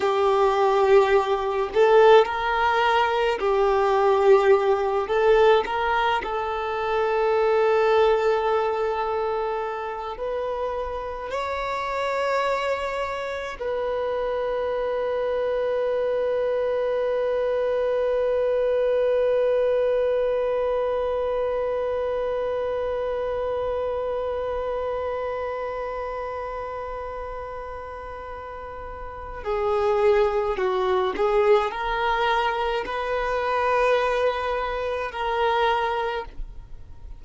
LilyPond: \new Staff \with { instrumentName = "violin" } { \time 4/4 \tempo 4 = 53 g'4. a'8 ais'4 g'4~ | g'8 a'8 ais'8 a'2~ a'8~ | a'4 b'4 cis''2 | b'1~ |
b'1~ | b'1~ | b'2 gis'4 fis'8 gis'8 | ais'4 b'2 ais'4 | }